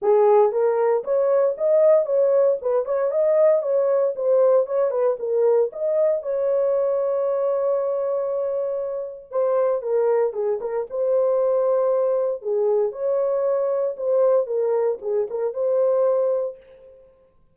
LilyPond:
\new Staff \with { instrumentName = "horn" } { \time 4/4 \tempo 4 = 116 gis'4 ais'4 cis''4 dis''4 | cis''4 b'8 cis''8 dis''4 cis''4 | c''4 cis''8 b'8 ais'4 dis''4 | cis''1~ |
cis''2 c''4 ais'4 | gis'8 ais'8 c''2. | gis'4 cis''2 c''4 | ais'4 gis'8 ais'8 c''2 | }